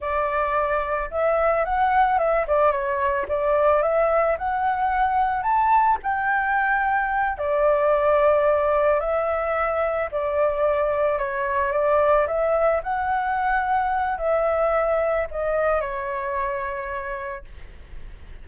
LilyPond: \new Staff \with { instrumentName = "flute" } { \time 4/4 \tempo 4 = 110 d''2 e''4 fis''4 | e''8 d''8 cis''4 d''4 e''4 | fis''2 a''4 g''4~ | g''4. d''2~ d''8~ |
d''8 e''2 d''4.~ | d''8 cis''4 d''4 e''4 fis''8~ | fis''2 e''2 | dis''4 cis''2. | }